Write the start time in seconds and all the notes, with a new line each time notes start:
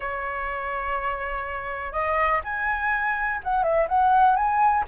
0.00 C#5
1.92 D#5
2.43 G#5
3.43 F#5
3.63 E5
3.88 F#5
4.35 G#5